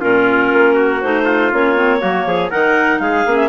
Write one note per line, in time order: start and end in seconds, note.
0.00 0.53 A#2
0.00 1.00 C#4
0.00 0.74 F4
0.00 1.01 A#4
0.53 1.03 A#3
0.74 1.24 F#4
1.01 1.53 A3
1.01 1.52 D#4
1.01 1.51 C5
1.25 2.00 F4
1.52 2.02 A#3
1.52 1.76 C#4
1.52 2.50 C#5
1.76 2.00 C4
2.00 2.25 F#3
2.00 2.50 A#3
2.00 2.26 F#4
2.25 2.50 F3
2.25 2.50 G#4
2.50 2.99 D#3
2.50 3.26 D#4
2.50 3.00 A#4
2.50 2.99 F#5
2.99 3.24 G#3
2.99 3.48 G#4
2.99 3.36 F5
3.26 3.48 A#3
3.26 3.48 C#4
3.36 3.48 E5